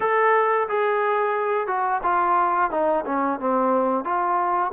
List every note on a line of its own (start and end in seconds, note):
0.00 0.67 A4
0.68 1.67 G#4
1.67 2.01 F#4
2.03 2.70 F4
2.70 3.04 D#4
3.05 3.39 C#4
3.39 4.04 C4
4.04 4.71 F4